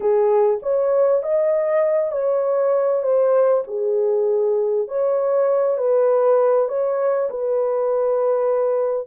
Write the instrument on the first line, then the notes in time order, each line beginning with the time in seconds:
horn
0.00 G#4
0.62 C#5
1.23 D#5
2.11 C#5
3.02 C5
3.67 G#4
4.88 C#5
5.77 B4
6.68 C#5
7.29 B4